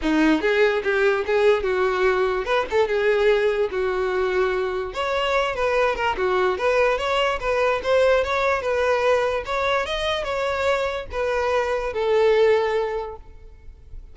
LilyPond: \new Staff \with { instrumentName = "violin" } { \time 4/4 \tempo 4 = 146 dis'4 gis'4 g'4 gis'4 | fis'2 b'8 a'8 gis'4~ | gis'4 fis'2. | cis''4. b'4 ais'8 fis'4 |
b'4 cis''4 b'4 c''4 | cis''4 b'2 cis''4 | dis''4 cis''2 b'4~ | b'4 a'2. | }